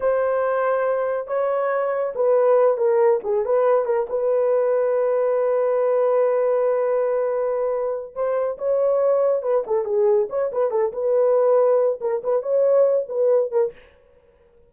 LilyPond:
\new Staff \with { instrumentName = "horn" } { \time 4/4 \tempo 4 = 140 c''2. cis''4~ | cis''4 b'4. ais'4 gis'8 | b'4 ais'8 b'2~ b'8~ | b'1~ |
b'2. c''4 | cis''2 b'8 a'8 gis'4 | cis''8 b'8 a'8 b'2~ b'8 | ais'8 b'8 cis''4. b'4 ais'8 | }